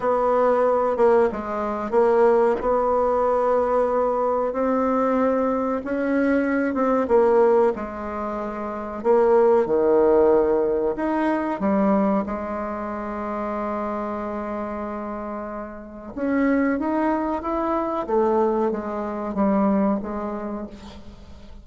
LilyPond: \new Staff \with { instrumentName = "bassoon" } { \time 4/4 \tempo 4 = 93 b4. ais8 gis4 ais4 | b2. c'4~ | c'4 cis'4. c'8 ais4 | gis2 ais4 dis4~ |
dis4 dis'4 g4 gis4~ | gis1~ | gis4 cis'4 dis'4 e'4 | a4 gis4 g4 gis4 | }